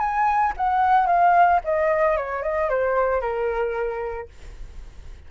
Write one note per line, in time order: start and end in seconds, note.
0.00 0.54 G#5
0.57 1.07 F#5
1.07 1.60 F5
1.65 2.17 D#5
2.17 2.43 C#5
2.43 2.70 D#5
2.70 3.21 C5
3.21 4.29 A#4